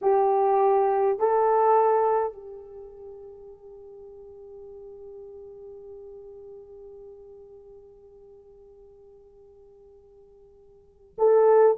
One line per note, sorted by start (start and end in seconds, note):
0.01 1.19 G4
1.19 2.32 A4
2.32 11.14 G4
11.18 11.76 A4